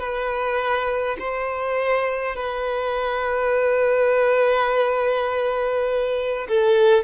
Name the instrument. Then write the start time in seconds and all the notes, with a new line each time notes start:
violin
0.00 B4
1.19 C5
2.36 B4
6.49 A4